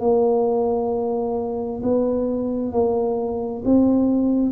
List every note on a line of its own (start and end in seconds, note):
0.00 1.82 A#3
1.83 2.72 B3
2.72 3.63 A#3
3.65 4.52 C4